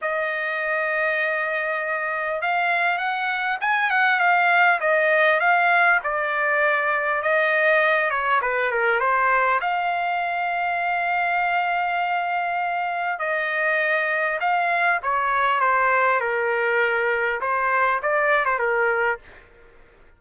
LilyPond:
\new Staff \with { instrumentName = "trumpet" } { \time 4/4 \tempo 4 = 100 dis''1 | f''4 fis''4 gis''8 fis''8 f''4 | dis''4 f''4 d''2 | dis''4. cis''8 b'8 ais'8 c''4 |
f''1~ | f''2 dis''2 | f''4 cis''4 c''4 ais'4~ | ais'4 c''4 d''8. c''16 ais'4 | }